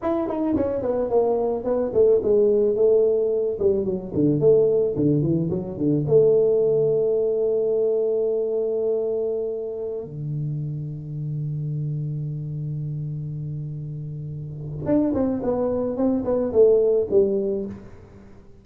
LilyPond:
\new Staff \with { instrumentName = "tuba" } { \time 4/4 \tempo 4 = 109 e'8 dis'8 cis'8 b8 ais4 b8 a8 | gis4 a4. g8 fis8 d8 | a4 d8 e8 fis8 d8 a4~ | a1~ |
a2~ a16 d4.~ d16~ | d1~ | d2. d'8 c'8 | b4 c'8 b8 a4 g4 | }